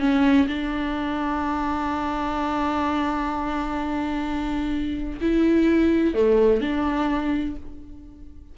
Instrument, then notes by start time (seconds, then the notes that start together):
viola
0.00 C#4
0.48 D4
5.21 E4
6.15 A3
6.62 D4